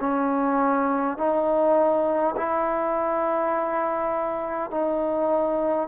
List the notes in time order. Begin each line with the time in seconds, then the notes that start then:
0.00 C#4
1.18 D#4
2.36 E4
4.71 D#4